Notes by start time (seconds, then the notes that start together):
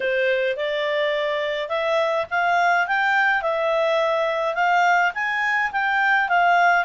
0.00 C5
0.56 D5
1.69 E5
2.30 F5
2.87 G5
3.42 E5
4.54 F5
5.14 G#5
5.72 G5
6.28 F5